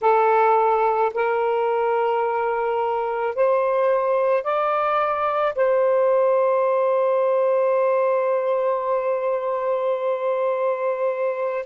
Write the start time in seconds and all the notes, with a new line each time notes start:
0.01 A4
1.14 A#4
3.35 C5
4.43 D5
5.55 C5